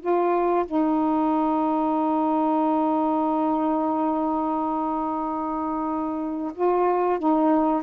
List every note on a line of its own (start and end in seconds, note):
0.00 0.65 F4
0.66 6.52 D#4
6.55 7.19 F4
7.19 7.83 D#4